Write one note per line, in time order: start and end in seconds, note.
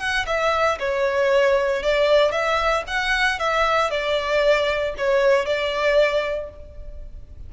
0.00 0.26 F#5
0.27 0.79 E5
0.79 1.83 C#5
1.83 2.32 D5
2.32 2.84 E5
2.87 3.39 F#5
3.39 3.91 E5
3.91 4.95 D5
4.98 5.46 C#5
5.46 6.50 D5